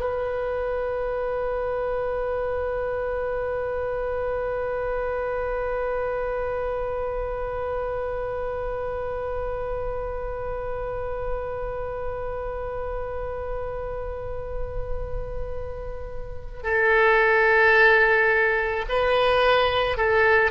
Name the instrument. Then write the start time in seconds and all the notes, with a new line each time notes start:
oboe
0.00 B4
16.64 A4
18.89 B4
19.97 A4